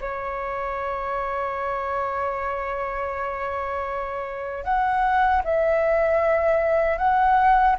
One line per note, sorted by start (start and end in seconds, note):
0.00 4.64 C#5
4.64 5.42 F#5
5.44 6.97 E5
6.97 7.75 F#5